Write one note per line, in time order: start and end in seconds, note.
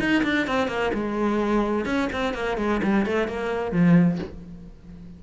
0.00 0.23 D#4
0.24 0.47 D4
0.47 0.68 C4
0.68 0.92 A#3
0.94 1.86 G#3
1.86 2.09 C#4
2.13 2.34 C4
2.34 2.58 A#3
2.58 2.81 G#3
2.83 3.06 G3
3.06 3.28 A3
3.28 3.72 A#3
3.72 4.19 F3